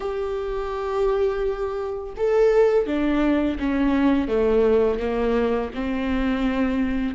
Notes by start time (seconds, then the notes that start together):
0.00 G4
2.16 A4
2.86 D4
3.59 C#4
4.28 A3
4.99 A#3
5.74 C4